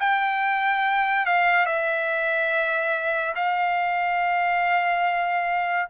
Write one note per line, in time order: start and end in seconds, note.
0.00 1.26 G5
1.26 1.66 F5
1.66 3.35 E5
3.36 5.89 F5